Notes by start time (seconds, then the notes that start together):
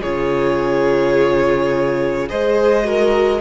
0.00 C#3 F4 G#4 C#5
2.29 G#3 G#4 C5 D#5
2.83 F#4 A#4